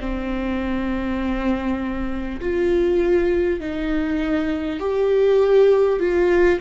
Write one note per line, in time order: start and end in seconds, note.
0.00 2.40 C4
2.41 3.61 F4
3.61 4.80 D#4
4.80 6.00 G4
6.00 6.60 F4